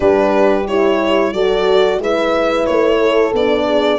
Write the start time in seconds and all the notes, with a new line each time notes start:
0.00 G3 D4 G4 B4
0.67 E4 C#5
1.32 F#3 F#4 A4 D5
1.98 G#3 E4 B4 E5
2.66 A3 C#5
2.97 A4
3.32 B3 D4 D5
3.65 G#4